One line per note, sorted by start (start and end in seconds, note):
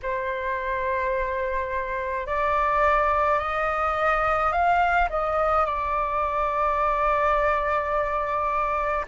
0.02 2.26 C5
2.26 3.39 D5
3.39 4.52 D#5
4.52 5.08 F5
5.09 5.65 D#5
5.65 9.05 D5